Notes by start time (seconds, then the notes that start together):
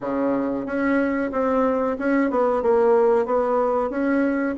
0.00 C#3
0.66 C#4
1.31 C4
1.98 C#4
2.30 B3
2.62 A#3
3.25 B3
3.90 C#4